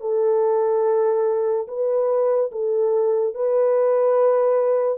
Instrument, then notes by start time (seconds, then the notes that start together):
horn
0.00 A4
1.67 B4
2.51 A4
3.34 B4